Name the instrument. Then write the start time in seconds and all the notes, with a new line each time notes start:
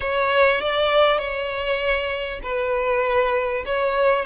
violin
0.00 C#5
0.60 D5
1.18 C#5
2.42 B4
3.65 C#5